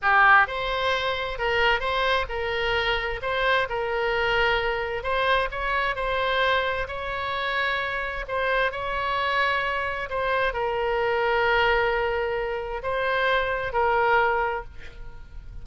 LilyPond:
\new Staff \with { instrumentName = "oboe" } { \time 4/4 \tempo 4 = 131 g'4 c''2 ais'4 | c''4 ais'2 c''4 | ais'2. c''4 | cis''4 c''2 cis''4~ |
cis''2 c''4 cis''4~ | cis''2 c''4 ais'4~ | ais'1 | c''2 ais'2 | }